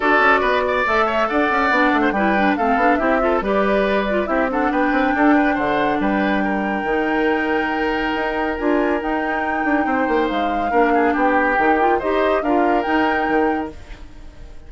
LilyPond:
<<
  \new Staff \with { instrumentName = "flute" } { \time 4/4 \tempo 4 = 140 d''2 e''4 fis''4~ | fis''4 g''4 f''4 e''4 | d''2 e''8 fis''8 g''4~ | g''4 fis''4 g''2~ |
g''1 | gis''4 g''2. | f''2 g''2 | dis''4 f''4 g''2 | }
  \new Staff \with { instrumentName = "oboe" } { \time 4/4 a'4 b'8 d''4 cis''8 d''4~ | d''8. c''16 b'4 a'4 g'8 a'8 | b'2 g'8 a'8 b'4 | a'8 b'8 c''4 b'4 ais'4~ |
ais'1~ | ais'2. c''4~ | c''4 ais'8 gis'8 g'2 | c''4 ais'2. | }
  \new Staff \with { instrumentName = "clarinet" } { \time 4/4 fis'2 a'2 | d'4 e'8 d'8 c'8 d'8 e'8 f'8 | g'4. f'8 e'8 d'4.~ | d'1 |
dis'1 | f'4 dis'2.~ | dis'4 d'2 dis'8 f'8 | g'4 f'4 dis'2 | }
  \new Staff \with { instrumentName = "bassoon" } { \time 4/4 d'8 cis'8 b4 a4 d'8 cis'8 | b8 a8 g4 a8 b8 c'4 | g2 c'4 b8 c'8 | d'4 d4 g2 |
dis2. dis'4 | d'4 dis'4. d'8 c'8 ais8 | gis4 ais4 b4 dis4 | dis'4 d'4 dis'4 dis4 | }
>>